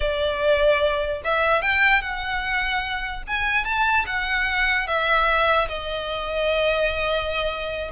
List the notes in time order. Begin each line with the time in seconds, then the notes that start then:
0.00 D5
1.24 E5
1.62 G5
2.01 F#5
3.27 G#5
3.64 A5
4.06 F#5
4.87 E5
5.68 D#5